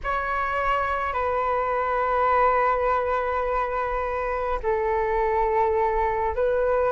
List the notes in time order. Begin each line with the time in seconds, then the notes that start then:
0.03 C#5
1.13 B4
4.62 A4
6.35 B4